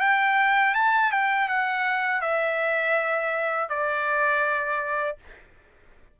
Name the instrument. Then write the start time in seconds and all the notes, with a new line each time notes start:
trumpet
0.00 G5
0.74 A5
1.11 G5
1.48 F#5
2.21 E5
3.69 D5